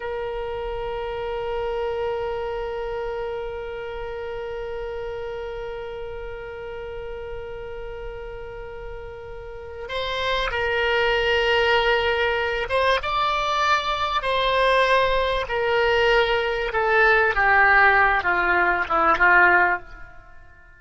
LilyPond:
\new Staff \with { instrumentName = "oboe" } { \time 4/4 \tempo 4 = 97 ais'1~ | ais'1~ | ais'1~ | ais'1 |
c''4 ais'2.~ | ais'8 c''8 d''2 c''4~ | c''4 ais'2 a'4 | g'4. f'4 e'8 f'4 | }